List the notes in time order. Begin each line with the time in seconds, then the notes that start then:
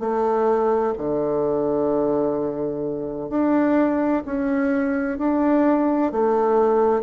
0.00 A3
0.98 D3
3.30 D4
4.26 C#4
5.19 D4
6.12 A3